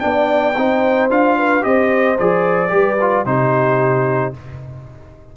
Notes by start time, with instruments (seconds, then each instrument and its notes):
0.00 tuba B3, trombone D4, horn D5, trumpet G5
0.57 tuba C4, trombone D#4, horn C5
1.10 tuba D4, trombone F4, trumpet F5
1.38 horn B4
1.62 tuba C4, trombone G4, horn C5, trumpet D#5
2.19 tuba F3, trombone G#4, trumpet D5
2.69 tuba G3, trombone G4, horn B4
3.01 trombone F4
3.25 tuba C3, trombone D#4, horn G4, trumpet C5